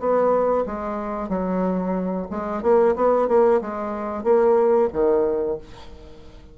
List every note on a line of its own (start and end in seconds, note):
0.00 0.65 B3
0.66 1.30 G#3
1.30 2.27 F#3
2.31 2.63 G#3
2.63 2.96 A#3
2.96 3.29 B3
3.29 3.61 A#3
3.62 4.24 G#3
4.24 4.89 A#3
4.93 5.58 D#3